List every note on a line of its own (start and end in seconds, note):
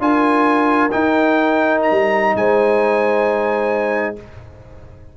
0.00 0.90 D4
0.00 0.90 F4
0.00 2.38 A#4
0.00 0.91 G#5
0.91 4.16 D#4
0.91 1.91 D#4
0.91 1.81 G5
1.82 2.37 A#5
1.91 2.35 G3
2.36 4.15 G#3
2.36 4.17 C5
2.36 4.16 G#5